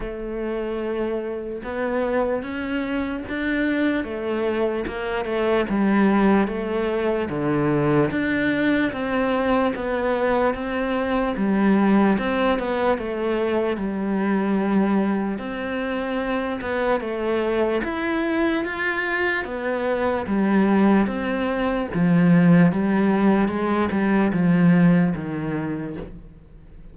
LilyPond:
\new Staff \with { instrumentName = "cello" } { \time 4/4 \tempo 4 = 74 a2 b4 cis'4 | d'4 a4 ais8 a8 g4 | a4 d4 d'4 c'4 | b4 c'4 g4 c'8 b8 |
a4 g2 c'4~ | c'8 b8 a4 e'4 f'4 | b4 g4 c'4 f4 | g4 gis8 g8 f4 dis4 | }